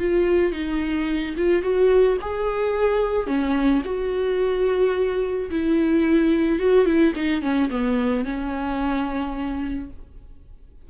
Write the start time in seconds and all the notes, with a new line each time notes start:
0.00 F4
0.52 D#4
1.37 F4
1.63 F#4
2.21 G#4
3.27 C#4
3.85 F#4
5.51 E4
6.60 F#4
6.86 E4
7.16 D#4
7.42 C#4
7.70 B3
8.25 C#4